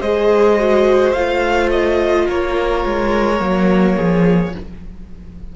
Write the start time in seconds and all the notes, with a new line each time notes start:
0.00 G#3 G#4 C5 D#5
0.58 F#4
1.13 A3 F4 F5
1.71 D#5
2.26 A#3 A#4 C#5
2.85 G#3
3.38 F#3 A#3
3.96 F3 G#4